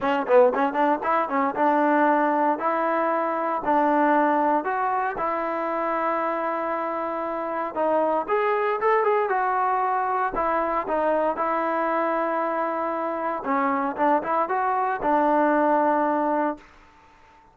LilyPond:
\new Staff \with { instrumentName = "trombone" } { \time 4/4 \tempo 4 = 116 cis'8 b8 cis'8 d'8 e'8 cis'8 d'4~ | d'4 e'2 d'4~ | d'4 fis'4 e'2~ | e'2. dis'4 |
gis'4 a'8 gis'8 fis'2 | e'4 dis'4 e'2~ | e'2 cis'4 d'8 e'8 | fis'4 d'2. | }